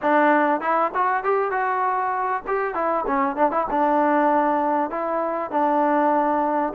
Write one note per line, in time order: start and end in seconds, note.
0.02 0.60 D4
0.60 0.91 E4
0.94 1.23 F#4
1.23 1.51 G4
1.51 2.42 F#4
2.47 2.74 G4
2.74 3.04 E4
3.06 3.36 C#4
3.36 3.51 D4
3.51 3.66 E4
3.70 4.90 D4
4.90 5.50 E4
5.50 6.73 D4